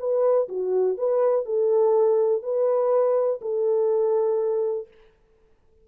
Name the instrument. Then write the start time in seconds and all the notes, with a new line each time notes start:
horn
0.00 B4
0.49 F#4
0.98 B4
1.46 A4
2.43 B4
3.42 A4